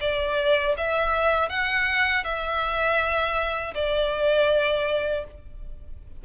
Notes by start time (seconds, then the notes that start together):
0.00 D5
0.77 E5
1.49 F#5
2.24 E5
3.74 D5